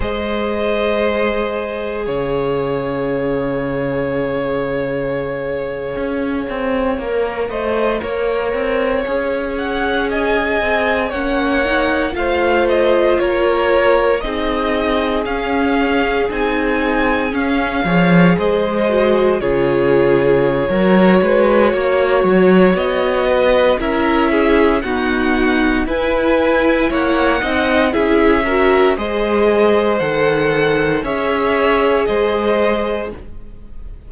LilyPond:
<<
  \new Staff \with { instrumentName = "violin" } { \time 4/4 \tempo 4 = 58 dis''2 f''2~ | f''1~ | f''4~ f''16 fis''8 gis''4 fis''4 f''16~ | f''16 dis''8 cis''4 dis''4 f''4 gis''16~ |
gis''8. f''4 dis''4 cis''4~ cis''16~ | cis''2 dis''4 e''4 | fis''4 gis''4 fis''4 e''4 | dis''4 fis''4 e''4 dis''4 | }
  \new Staff \with { instrumentName = "violin" } { \time 4/4 c''2 cis''2~ | cis''2.~ cis''16 dis''8 cis''16~ | cis''4.~ cis''16 dis''4 cis''4 c''16~ | c''8. ais'4 gis'2~ gis'16~ |
gis'4~ gis'16 cis''8 c''4 gis'4~ gis'16 | ais'8 b'8 cis''4. b'8 ais'8 gis'8 | fis'4 b'4 cis''8 dis''8 gis'8 ais'8 | c''2 cis''4 c''4 | }
  \new Staff \with { instrumentName = "viola" } { \time 4/4 gis'1~ | gis'2~ gis'8. ais'8 c''8 ais'16~ | ais'8. gis'2 cis'8 dis'8 f'16~ | f'4.~ f'16 dis'4 cis'4 dis'16~ |
dis'8. cis'8 gis'4 fis'8 f'4~ f'16 | fis'2. e'4 | b4 e'4. dis'8 e'8 fis'8 | gis'4 a'4 gis'2 | }
  \new Staff \with { instrumentName = "cello" } { \time 4/4 gis2 cis2~ | cis4.~ cis16 cis'8 c'8 ais8 a8 ais16~ | ais16 c'8 cis'4. c'8 ais4 a16~ | a8. ais4 c'4 cis'4 c'16~ |
c'8. cis'8 f8 gis4 cis4~ cis16 | fis8 gis8 ais8 fis8 b4 cis'4 | dis'4 e'4 ais8 c'8 cis'4 | gis4 dis4 cis'4 gis4 | }
>>